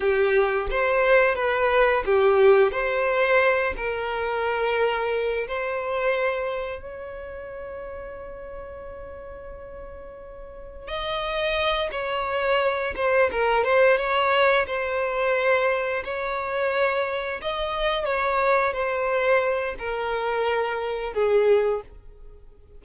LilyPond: \new Staff \with { instrumentName = "violin" } { \time 4/4 \tempo 4 = 88 g'4 c''4 b'4 g'4 | c''4. ais'2~ ais'8 | c''2 cis''2~ | cis''1 |
dis''4. cis''4. c''8 ais'8 | c''8 cis''4 c''2 cis''8~ | cis''4. dis''4 cis''4 c''8~ | c''4 ais'2 gis'4 | }